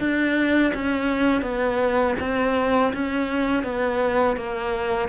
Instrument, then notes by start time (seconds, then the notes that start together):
cello
0.00 D4
0.75 C#4
1.42 B3
2.21 C4
2.94 C#4
3.64 B3
4.37 A#3